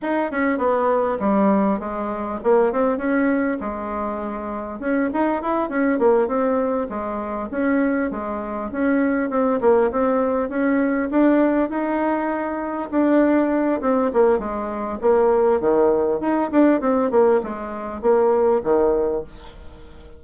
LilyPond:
\new Staff \with { instrumentName = "bassoon" } { \time 4/4 \tempo 4 = 100 dis'8 cis'8 b4 g4 gis4 | ais8 c'8 cis'4 gis2 | cis'8 dis'8 e'8 cis'8 ais8 c'4 gis8~ | gis8 cis'4 gis4 cis'4 c'8 |
ais8 c'4 cis'4 d'4 dis'8~ | dis'4. d'4. c'8 ais8 | gis4 ais4 dis4 dis'8 d'8 | c'8 ais8 gis4 ais4 dis4 | }